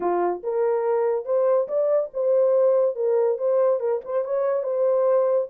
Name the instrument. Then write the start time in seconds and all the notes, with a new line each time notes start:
horn
0.00 F4
0.43 A#4
1.25 C5
1.67 D5
2.13 C5
2.95 A#4
3.38 C5
3.80 A#4
4.04 C5
4.24 C#5
4.63 C5